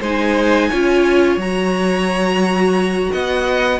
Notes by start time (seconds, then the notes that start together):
0.00 G#3 D#4 C5 G#5
0.70 C#4 F4 C#5
1.36 F#3 F#4 A#5
3.12 B3 D#5 F#5